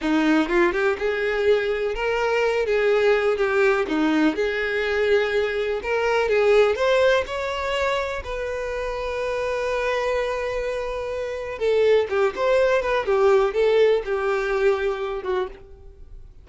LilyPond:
\new Staff \with { instrumentName = "violin" } { \time 4/4 \tempo 4 = 124 dis'4 f'8 g'8 gis'2 | ais'4. gis'4. g'4 | dis'4 gis'2. | ais'4 gis'4 c''4 cis''4~ |
cis''4 b'2.~ | b'1 | a'4 g'8 c''4 b'8 g'4 | a'4 g'2~ g'8 fis'8 | }